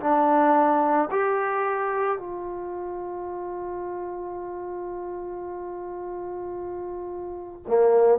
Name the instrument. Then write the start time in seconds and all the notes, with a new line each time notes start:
trombone
0.00 D4
1.11 G4
2.18 F4
7.67 A#3